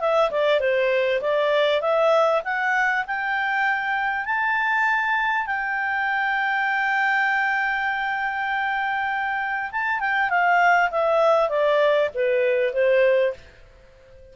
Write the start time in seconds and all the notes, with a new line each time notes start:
0.00 E5
0.31 D5
0.60 C5
1.21 D5
1.81 E5
2.44 F#5
3.07 G5
4.25 A5
5.46 G5
9.71 A5
10.00 G5
10.29 F5
10.91 E5
11.49 D5
12.14 B4
12.73 C5